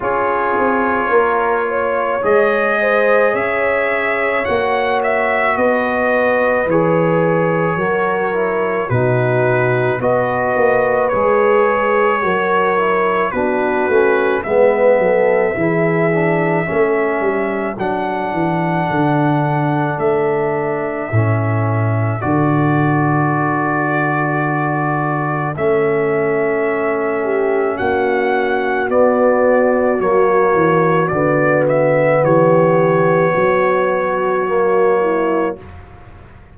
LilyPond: <<
  \new Staff \with { instrumentName = "trumpet" } { \time 4/4 \tempo 4 = 54 cis''2 dis''4 e''4 | fis''8 e''8 dis''4 cis''2 | b'4 dis''4 cis''2 | b'4 e''2. |
fis''2 e''2 | d''2. e''4~ | e''4 fis''4 d''4 cis''4 | d''8 e''8 cis''2. | }
  \new Staff \with { instrumentName = "horn" } { \time 4/4 gis'4 ais'8 cis''4 c''8 cis''4~ | cis''4 b'2 ais'4 | fis'4 b'2 ais'4 | fis'4 b'8 a'8 gis'4 a'4~ |
a'1~ | a'1~ | a'8 g'8 fis'2.~ | fis'4 g'4 fis'4. e'8 | }
  \new Staff \with { instrumentName = "trombone" } { \time 4/4 f'2 gis'2 | fis'2 gis'4 fis'8 e'8 | dis'4 fis'4 gis'4 fis'8 e'8 | d'8 cis'8 b4 e'8 d'8 cis'4 |
d'2. cis'4 | fis'2. cis'4~ | cis'2 b4 ais4 | b2. ais4 | }
  \new Staff \with { instrumentName = "tuba" } { \time 4/4 cis'8 c'8 ais4 gis4 cis'4 | ais4 b4 e4 fis4 | b,4 b8 ais8 gis4 fis4 | b8 a8 gis8 fis8 e4 a8 g8 |
fis8 e8 d4 a4 a,4 | d2. a4~ | a4 ais4 b4 fis8 e8 | d4 e4 fis2 | }
>>